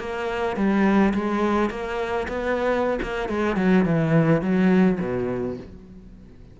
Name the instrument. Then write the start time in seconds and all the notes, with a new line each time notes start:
cello
0.00 A#3
0.56 G3
1.14 G#3
1.70 A#3
2.28 B3
3.03 A#3
3.29 G#3
3.57 F#3
3.85 E3
4.42 F#3
5.00 B2